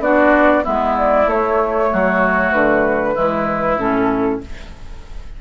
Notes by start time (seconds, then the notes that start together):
0.00 B3 D4 F#4 D5
0.63 G#3 B3 E4 E5
0.98 D5
1.27 A3 C#5
1.93 F#3 F#4
2.52 D3 B4
3.15 E3 G#3 E4
3.77 A2 C#4 A4